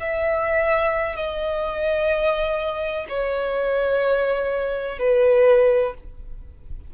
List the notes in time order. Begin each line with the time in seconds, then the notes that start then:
0.00 E5
1.16 D#5
3.09 C#5
4.99 B4